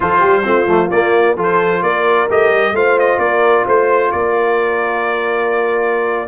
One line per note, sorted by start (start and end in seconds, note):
0.00 0.23 F3
0.00 0.42 F4
0.00 0.19 A4
0.00 0.90 C5
0.19 0.46 G3
0.19 0.42 G4
0.42 0.66 A3
0.42 0.65 C4
0.42 1.36 F4
0.66 0.89 F3
0.66 0.90 A3
0.90 1.36 A#3
0.90 1.37 A#3
0.90 1.36 D5
1.36 1.82 F3
1.36 2.28 F4
1.36 1.82 A4
1.42 1.82 C5
1.82 2.28 A#3
1.82 2.74 A#4
1.82 2.28 D5
2.29 2.50 A3
2.29 2.74 G4
2.29 2.75 D#5
2.50 2.72 G3
2.72 3.17 A3
2.72 6.28 F4
2.72 3.20 C5
2.72 2.98 F5
2.99 3.19 D#5
3.18 3.64 A#3
3.18 3.65 A#4
3.18 3.65 D5
3.65 4.13 A3
3.65 4.11 C5
4.11 6.28 A#3
4.11 6.28 A#4
4.11 6.28 D5